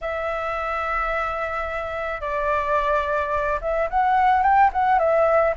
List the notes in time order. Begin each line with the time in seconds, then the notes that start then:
0.01 E5
2.20 D5
3.61 E5
3.89 F#5
4.42 G5
4.72 F#5
4.98 E5